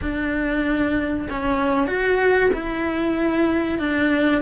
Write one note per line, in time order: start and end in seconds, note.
0.01 1.27 D4
1.29 1.87 C#4
1.87 2.50 F#4
2.53 3.78 E4
3.78 4.41 D4